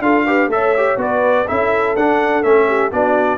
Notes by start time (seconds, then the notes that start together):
0.00 D4 F4 A4 F5
0.26 G4 B4
0.48 A3 A4 C#5 E5
0.77 G4
0.97 B3 F#4 B4 D5
1.48 C#4 E4 A4 E5
1.97 D4 F#5
2.43 A3 C#4 E5
2.68 G4
2.91 B3 D4 F#4 D5